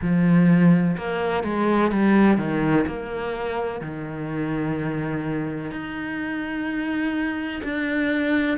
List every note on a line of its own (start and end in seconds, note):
0.01 0.97 F3
0.97 1.43 A#3
1.43 1.91 G#3
1.91 2.37 G3
2.37 2.85 D#3
2.87 3.81 A#3
3.81 5.71 D#3
5.71 7.61 D#4
7.63 8.57 D4